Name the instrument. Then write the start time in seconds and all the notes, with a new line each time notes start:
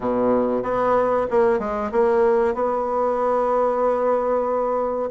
bassoon
0.00 B2
0.62 B3
1.30 A#3
1.59 G#3
1.91 A#3
2.54 B3